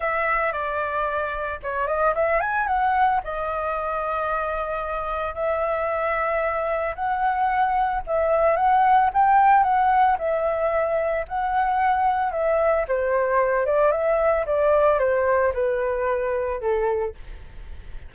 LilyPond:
\new Staff \with { instrumentName = "flute" } { \time 4/4 \tempo 4 = 112 e''4 d''2 cis''8 dis''8 | e''8 gis''8 fis''4 dis''2~ | dis''2 e''2~ | e''4 fis''2 e''4 |
fis''4 g''4 fis''4 e''4~ | e''4 fis''2 e''4 | c''4. d''8 e''4 d''4 | c''4 b'2 a'4 | }